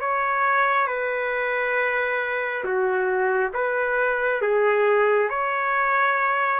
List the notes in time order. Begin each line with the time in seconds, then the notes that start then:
0.00 C#5
0.87 B4
2.64 F#4
3.53 B4
4.41 G#4
5.29 C#5